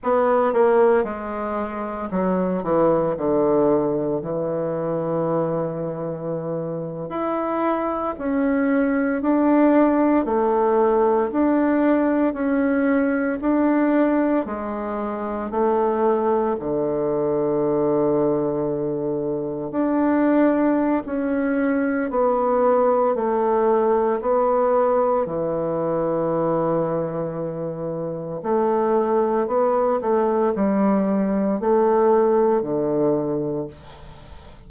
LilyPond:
\new Staff \with { instrumentName = "bassoon" } { \time 4/4 \tempo 4 = 57 b8 ais8 gis4 fis8 e8 d4 | e2~ e8. e'4 cis'16~ | cis'8. d'4 a4 d'4 cis'16~ | cis'8. d'4 gis4 a4 d16~ |
d2~ d8. d'4~ d'16 | cis'4 b4 a4 b4 | e2. a4 | b8 a8 g4 a4 d4 | }